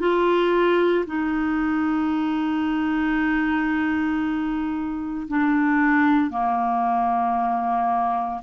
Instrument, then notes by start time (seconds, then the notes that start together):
clarinet
0.00 F4
1.07 D#4
5.28 D4
6.31 A#3